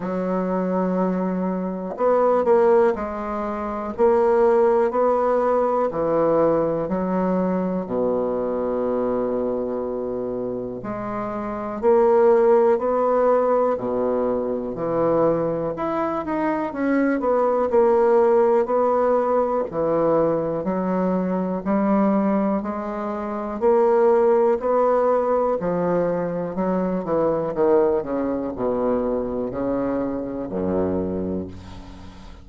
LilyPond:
\new Staff \with { instrumentName = "bassoon" } { \time 4/4 \tempo 4 = 61 fis2 b8 ais8 gis4 | ais4 b4 e4 fis4 | b,2. gis4 | ais4 b4 b,4 e4 |
e'8 dis'8 cis'8 b8 ais4 b4 | e4 fis4 g4 gis4 | ais4 b4 f4 fis8 e8 | dis8 cis8 b,4 cis4 fis,4 | }